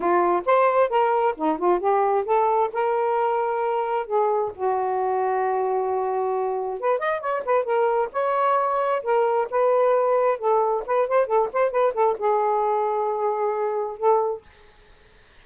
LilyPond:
\new Staff \with { instrumentName = "saxophone" } { \time 4/4 \tempo 4 = 133 f'4 c''4 ais'4 dis'8 f'8 | g'4 a'4 ais'2~ | ais'4 gis'4 fis'2~ | fis'2. b'8 dis''8 |
cis''8 b'8 ais'4 cis''2 | ais'4 b'2 a'4 | b'8 c''8 a'8 c''8 b'8 a'8 gis'4~ | gis'2. a'4 | }